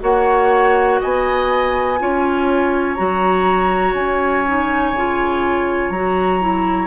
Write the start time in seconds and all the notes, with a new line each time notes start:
0.00 A#3 F#4 C#5 F#5
1.00 B3 D#5 G#5
1.99 C#4 F4 C#5
2.95 F#3 F#4 A#5
3.93 C#4 G#5
4.46 D#4
4.92 C#3 F4
5.90 F#3 F#4 A#5
6.41 E4